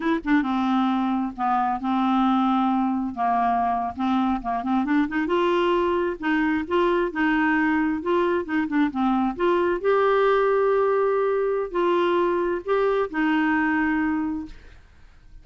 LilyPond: \new Staff \with { instrumentName = "clarinet" } { \time 4/4 \tempo 4 = 133 e'8 d'8 c'2 b4 | c'2. ais4~ | ais8. c'4 ais8 c'8 d'8 dis'8 f'16~ | f'4.~ f'16 dis'4 f'4 dis'16~ |
dis'4.~ dis'16 f'4 dis'8 d'8 c'16~ | c'8. f'4 g'2~ g'16~ | g'2 f'2 | g'4 dis'2. | }